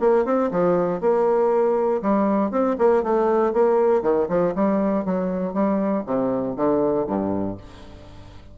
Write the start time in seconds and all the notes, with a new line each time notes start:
0.00 A#3
0.25 C4
0.51 F3
1.01 A#3
2.02 G3
2.51 C4
2.78 A#3
3.03 A3
3.53 A#3
4.02 D#3
4.29 F3
4.55 G3
5.05 F#3
5.53 G3
6.06 C3
6.56 D3
7.07 G2